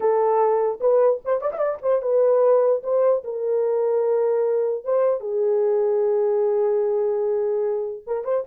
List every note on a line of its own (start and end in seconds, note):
0.00 0.79 A4
0.80 1.20 B4
1.24 1.41 C5
1.41 1.51 D5
1.52 1.78 D5
1.52 1.58 E5
1.82 2.01 C5
2.01 2.82 B4
2.83 3.23 C5
3.23 4.84 A#4
4.84 5.20 C5
5.20 8.02 G#4
8.06 8.24 A#4
8.24 8.44 C5